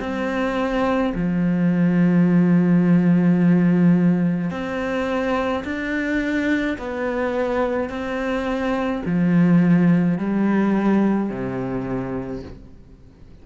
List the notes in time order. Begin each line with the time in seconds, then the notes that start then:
0.00 C4
1.15 F3
4.51 C4
5.64 D4
6.78 B3
7.89 C4
9.06 F3
10.18 G3
11.30 C3